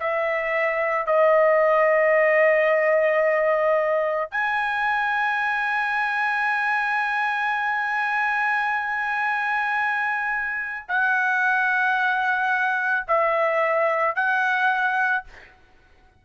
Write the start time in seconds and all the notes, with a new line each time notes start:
0.00 E5
1.06 D#5
4.31 G#5
10.88 F#5
13.08 E5
14.15 F#5